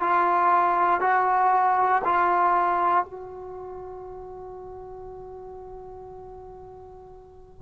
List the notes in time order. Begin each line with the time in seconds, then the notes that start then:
0.00 F4
1.00 F#4
2.04 F4
3.05 F#4